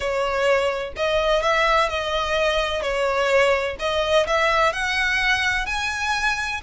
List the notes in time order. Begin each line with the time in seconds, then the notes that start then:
0.00 C#5
0.96 D#5
1.42 E5
1.89 D#5
2.82 C#5
3.79 D#5
4.26 E5
4.72 F#5
5.66 G#5